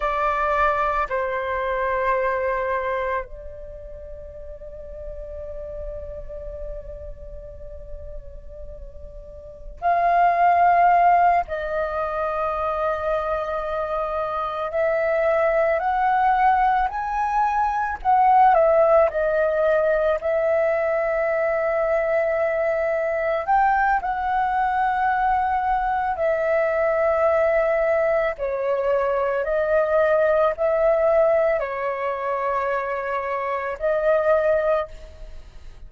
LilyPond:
\new Staff \with { instrumentName = "flute" } { \time 4/4 \tempo 4 = 55 d''4 c''2 d''4~ | d''1~ | d''4 f''4. dis''4.~ | dis''4. e''4 fis''4 gis''8~ |
gis''8 fis''8 e''8 dis''4 e''4.~ | e''4. g''8 fis''2 | e''2 cis''4 dis''4 | e''4 cis''2 dis''4 | }